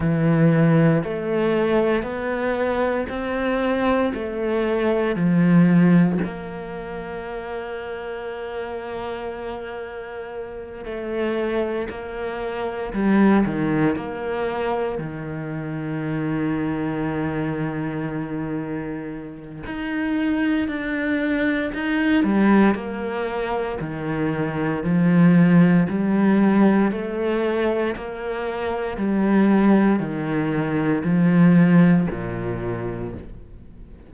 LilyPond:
\new Staff \with { instrumentName = "cello" } { \time 4/4 \tempo 4 = 58 e4 a4 b4 c'4 | a4 f4 ais2~ | ais2~ ais8 a4 ais8~ | ais8 g8 dis8 ais4 dis4.~ |
dis2. dis'4 | d'4 dis'8 g8 ais4 dis4 | f4 g4 a4 ais4 | g4 dis4 f4 ais,4 | }